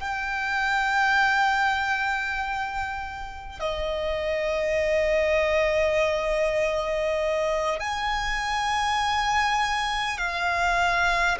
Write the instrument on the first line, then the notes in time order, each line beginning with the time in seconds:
violin
0.00 G5
3.59 D#5
7.79 G#5
10.18 F5